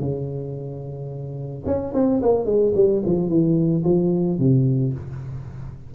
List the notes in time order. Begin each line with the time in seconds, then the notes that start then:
0.00 C#3
1.66 C#4
1.94 C4
2.23 A#3
2.45 G#3
2.75 G3
3.06 F3
3.29 E3
3.84 F3
4.39 C3